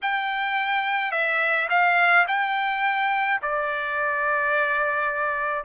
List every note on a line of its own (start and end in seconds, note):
0.02 1.11 G5
1.11 1.68 E5
1.69 2.26 F5
2.27 3.41 G5
3.42 5.64 D5